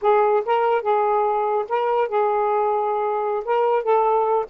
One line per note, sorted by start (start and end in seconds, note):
0.01 0.43 G#4
0.45 0.81 A#4
0.81 1.65 G#4
1.68 2.08 A#4
2.08 3.43 G#4
3.44 3.83 A#4
3.83 4.45 A4